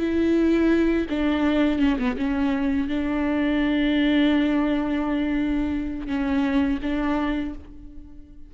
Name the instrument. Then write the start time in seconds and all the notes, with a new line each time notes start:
viola
0.00 E4
1.10 D4
1.79 C#4
1.99 B3
2.18 C#4
2.88 D4
6.08 C#4
6.83 D4